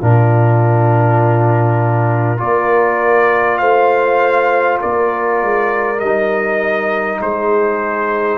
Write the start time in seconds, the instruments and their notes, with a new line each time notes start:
0.00 tuba A#2, trombone D4, horn F4, trumpet A#4
2.37 tuba A#3, trombone F4, horn A#4, trumpet D5
3.58 tuba A3, horn C5, trumpet F5
4.81 tuba A#3, horn A#4, trumpet D5
5.42 tuba G#3
5.99 tuba G3, trombone D#4, trumpet D#5
7.21 tuba G#3, horn G#4, trumpet C5